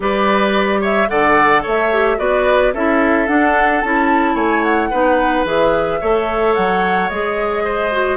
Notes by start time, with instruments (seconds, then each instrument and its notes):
0.00 bassoon G3, clarinet G4, oboe B4, flute D5
0.80 oboe C#5, flute E5
1.07 bassoon D3, clarinet A4, oboe D5, flute F#5
1.62 bassoon A3, oboe C#5, flute E5
1.92 clarinet G4
2.17 bassoon B3, clarinet F#4, oboe B4, flute D5
2.73 bassoon C#4, clarinet E4, oboe A4, flute E5
3.27 clarinet D4, bassoon D4, flute F#5
3.81 bassoon C#4, clarinet E4, flute A5
4.34 bassoon A3, oboe C#5, flute G#5
4.63 flute F#5
4.90 bassoon B3, clarinet D#4, oboe B4
5.44 bassoon E3, clarinet G#4, flute E5
6.00 bassoon A3, clarinet A4, oboe C#5
6.54 bassoon F#3, flute F#5
7.09 bassoon G#3, clarinet G#4, flute D#5
7.64 oboe C5
7.91 clarinet F#4